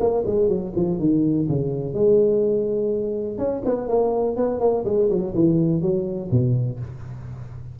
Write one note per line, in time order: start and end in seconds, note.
0.00 0.24 A#3
0.26 0.48 G#3
0.48 0.72 F#3
0.75 0.99 F3
0.99 1.48 D#3
1.48 1.94 C#3
1.94 3.38 G#3
3.38 3.62 C#4
3.65 3.88 B3
3.88 4.37 A#3
4.37 4.60 B3
4.60 4.84 A#3
4.85 5.09 G#3
5.09 5.34 F#3
5.35 5.81 E3
5.81 6.30 F#3
6.31 6.80 B2